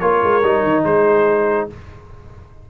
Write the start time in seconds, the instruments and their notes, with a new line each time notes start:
0.00 tuba A#3, trombone F4, horn A#4, trumpet C#5
0.23 tuba G#3
0.43 tuba G3, trombone D#4
0.63 tuba D#3
0.84 tuba G#3, horn G#4, trumpet C5